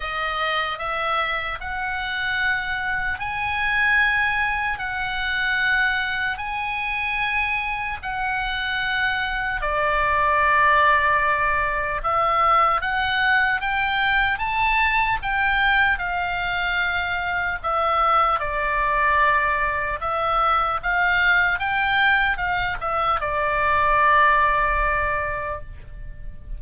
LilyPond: \new Staff \with { instrumentName = "oboe" } { \time 4/4 \tempo 4 = 75 dis''4 e''4 fis''2 | gis''2 fis''2 | gis''2 fis''2 | d''2. e''4 |
fis''4 g''4 a''4 g''4 | f''2 e''4 d''4~ | d''4 e''4 f''4 g''4 | f''8 e''8 d''2. | }